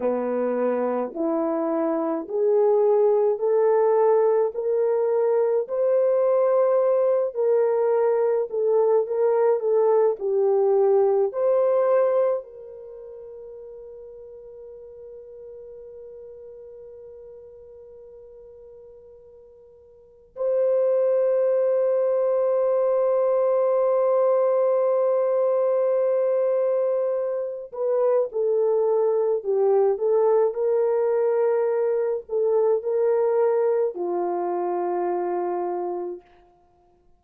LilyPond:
\new Staff \with { instrumentName = "horn" } { \time 4/4 \tempo 4 = 53 b4 e'4 gis'4 a'4 | ais'4 c''4. ais'4 a'8 | ais'8 a'8 g'4 c''4 ais'4~ | ais'1~ |
ais'2 c''2~ | c''1~ | c''8 b'8 a'4 g'8 a'8 ais'4~ | ais'8 a'8 ais'4 f'2 | }